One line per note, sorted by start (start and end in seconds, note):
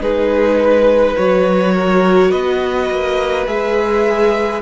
0.00 1.15 G#3
0.00 1.17 D#4
0.00 0.60 G#4
0.00 1.16 B4
0.60 1.74 B4
1.16 2.32 F#3
1.16 3.46 F#4
1.16 2.31 C#5
1.74 2.30 A#4
2.30 2.90 B3
2.30 4.61 B4
2.30 3.46 D#5
2.90 3.47 A#3
3.46 4.61 G#3
3.46 4.61 G#4
3.46 4.61 E5